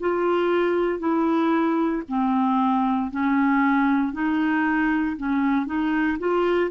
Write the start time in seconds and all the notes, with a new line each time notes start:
0.00 F4
0.99 E4
2.08 C4
3.11 C#4
4.13 D#4
5.17 C#4
5.66 D#4
6.19 F4